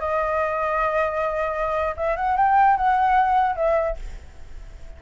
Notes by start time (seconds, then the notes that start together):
0.00 D#5
1.97 E5
2.17 F#5
2.37 G5
2.77 F#5
3.56 E5